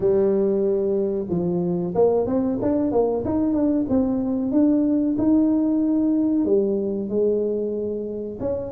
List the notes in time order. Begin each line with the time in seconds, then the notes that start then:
0.00 G3
1.29 F3
1.94 A#3
2.26 C4
2.61 D4
2.91 A#3
3.25 D#4
3.53 D4
3.89 C4
4.51 D4
5.18 D#4
6.45 G3
7.09 G#3
8.40 C#4